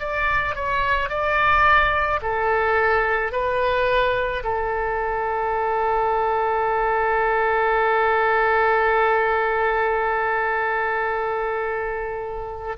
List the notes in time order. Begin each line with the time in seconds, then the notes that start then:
0.00 D5
0.55 C#5
1.09 D5
2.22 A4
3.32 B4
4.44 A4